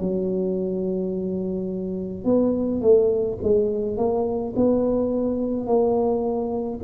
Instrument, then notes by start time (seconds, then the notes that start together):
tuba
0.00 F#3
2.24 B3
2.81 A3
3.43 G#3
3.97 A#3
4.56 B3
5.67 A#3